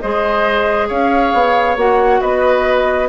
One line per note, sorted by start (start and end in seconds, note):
0.00 0.90 G#3
0.00 1.77 G#4
0.00 0.88 C5
0.00 0.88 D#5
0.88 1.33 C#4
0.88 2.20 C#5
0.88 1.77 F5
1.33 1.76 B3
1.76 2.20 A#3
1.76 3.08 F#4
1.76 2.20 F#5
2.20 3.08 B3
2.20 3.08 B4
2.20 3.08 D#5